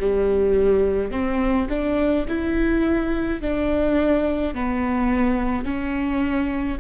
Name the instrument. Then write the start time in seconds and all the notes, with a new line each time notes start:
viola
0.00 G3
1.11 C4
1.69 D4
2.29 E4
3.42 D4
4.54 B3
5.65 C#4